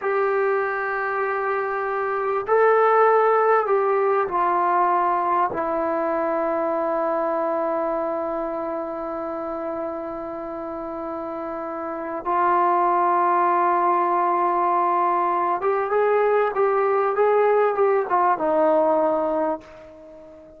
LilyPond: \new Staff \with { instrumentName = "trombone" } { \time 4/4 \tempo 4 = 98 g'1 | a'2 g'4 f'4~ | f'4 e'2.~ | e'1~ |
e'1 | f'1~ | f'4. g'8 gis'4 g'4 | gis'4 g'8 f'8 dis'2 | }